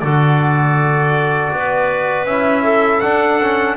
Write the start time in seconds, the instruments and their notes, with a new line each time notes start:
0.00 double bass D3, trombone F#4, clarinet A4, trumpet D5
1.52 double bass B3, clarinet B4
2.25 double bass C#4, trombone E4, trumpet E5
2.63 clarinet A4
3.00 trombone D4, double bass D4, trumpet F#5
3.42 trombone C#4